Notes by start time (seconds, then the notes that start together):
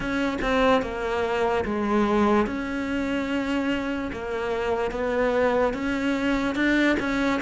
0.00 C#4
0.41 C4
0.82 A#3
1.64 G#3
2.46 C#4
4.12 A#3
4.91 B3
5.73 C#4
6.55 D4
6.99 C#4